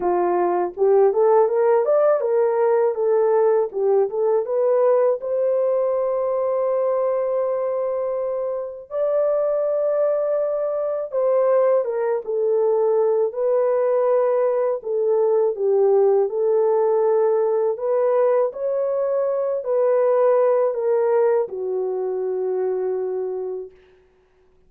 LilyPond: \new Staff \with { instrumentName = "horn" } { \time 4/4 \tempo 4 = 81 f'4 g'8 a'8 ais'8 d''8 ais'4 | a'4 g'8 a'8 b'4 c''4~ | c''1 | d''2. c''4 |
ais'8 a'4. b'2 | a'4 g'4 a'2 | b'4 cis''4. b'4. | ais'4 fis'2. | }